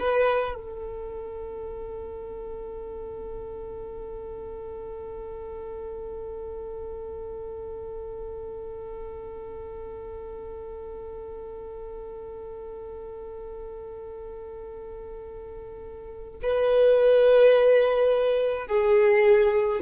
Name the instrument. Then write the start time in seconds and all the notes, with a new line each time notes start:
violin
0.00 B4
0.55 A4
16.43 B4
18.67 G#4